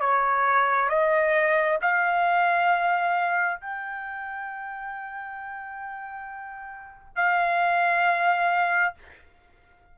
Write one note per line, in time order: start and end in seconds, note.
0.00 0.89 C#5
0.89 1.79 D#5
1.82 3.61 F5
3.61 7.15 G5
7.15 8.94 F5